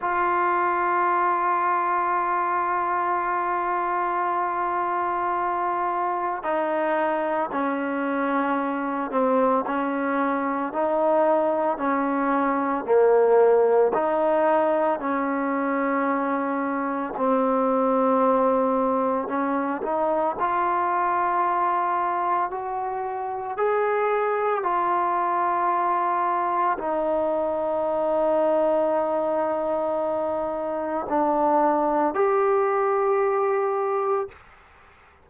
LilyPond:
\new Staff \with { instrumentName = "trombone" } { \time 4/4 \tempo 4 = 56 f'1~ | f'2 dis'4 cis'4~ | cis'8 c'8 cis'4 dis'4 cis'4 | ais4 dis'4 cis'2 |
c'2 cis'8 dis'8 f'4~ | f'4 fis'4 gis'4 f'4~ | f'4 dis'2.~ | dis'4 d'4 g'2 | }